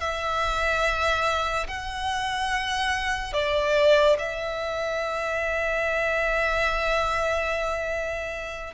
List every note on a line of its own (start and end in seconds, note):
0.00 1.67 E5
1.68 3.33 F#5
3.33 4.16 D5
4.19 8.73 E5